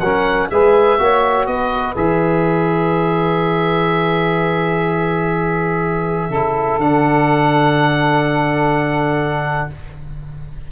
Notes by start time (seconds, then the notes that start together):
0.00 F#3 C#4 A#4 F#5
0.50 G#3 G#4 B4 E5
0.99 A#3 F#4 C#5
1.46 B3 B4 D#5
1.95 E3 G#4 E5
6.29 C#3 E4 A4
6.78 D3 D4 F#5